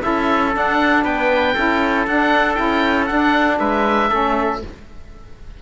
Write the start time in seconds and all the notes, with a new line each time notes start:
0.00 C#4 E4 A4 E5
0.52 D4 F#5
1.03 B3 B4 G5
1.54 C#4 E4 A4
2.07 D4 F#5
2.54 C#4 E4 G5
3.06 D4 F#5
3.59 G#3 B4 E5
4.09 A3 C#4 A4